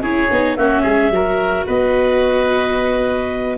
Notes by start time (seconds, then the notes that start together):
0.00 C#4 E4 G#4 C#5
0.31 B3 D#4
0.56 A#3 C#4 F#4 E5
0.82 G#3 G#4
1.10 F#3 F#4 A#4
1.66 B3 B4 D#5